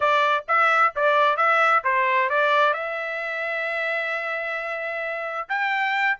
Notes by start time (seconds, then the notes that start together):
0.00 D5
0.47 E5
0.95 D5
1.36 E5
1.83 C5
2.29 D5
2.73 E5
5.48 G5